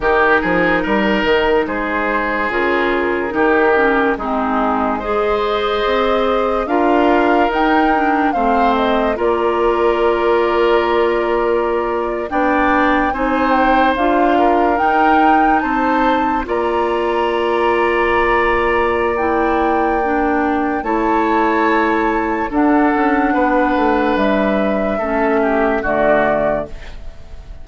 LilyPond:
<<
  \new Staff \with { instrumentName = "flute" } { \time 4/4 \tempo 4 = 72 ais'2 c''4 ais'4~ | ais'4 gis'4 dis''2 | f''4 g''4 f''8 dis''8 d''4~ | d''2~ d''8. g''4 gis''16~ |
gis''16 g''8 f''4 g''4 a''4 ais''16~ | ais''2. g''4~ | g''4 a''2 fis''4~ | fis''4 e''2 d''4 | }
  \new Staff \with { instrumentName = "oboe" } { \time 4/4 g'8 gis'8 ais'4 gis'2 | g'4 dis'4 c''2 | ais'2 c''4 ais'4~ | ais'2~ ais'8. d''4 c''16~ |
c''4~ c''16 ais'4. c''4 d''16~ | d''1~ | d''4 cis''2 a'4 | b'2 a'8 g'8 fis'4 | }
  \new Staff \with { instrumentName = "clarinet" } { \time 4/4 dis'2. f'4 | dis'8 cis'8 c'4 gis'2 | f'4 dis'8 d'8 c'4 f'4~ | f'2~ f'8. d'4 dis'16~ |
dis'8. f'4 dis'2 f'16~ | f'2. e'4 | d'4 e'2 d'4~ | d'2 cis'4 a4 | }
  \new Staff \with { instrumentName = "bassoon" } { \time 4/4 dis8 f8 g8 dis8 gis4 cis4 | dis4 gis2 c'4 | d'4 dis'4 a4 ais4~ | ais2~ ais8. b4 c'16~ |
c'8. d'4 dis'4 c'4 ais16~ | ais1~ | ais4 a2 d'8 cis'8 | b8 a8 g4 a4 d4 | }
>>